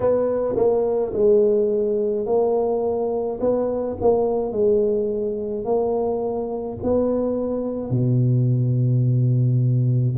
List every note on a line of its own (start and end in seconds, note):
0.00 0.55 B3
0.56 1.12 A#3
1.13 2.25 G#3
2.25 3.39 A#3
3.40 3.96 B3
4.01 4.52 A#3
4.52 5.64 G#3
5.64 6.78 A#3
6.82 7.90 B3
7.90 10.16 B2